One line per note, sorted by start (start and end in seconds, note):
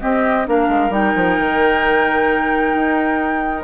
0.00 0.46 C4
0.00 0.48 C4
0.00 0.47 G4
0.00 0.47 D#5
0.46 0.68 A#3
0.46 0.90 D4
0.46 3.64 A#4
0.46 0.93 F5
0.68 0.90 G#3
0.90 1.13 G3
0.90 3.64 D#4
0.90 3.64 G5
1.16 1.38 F3
1.38 2.74 D#3
2.74 3.64 D#4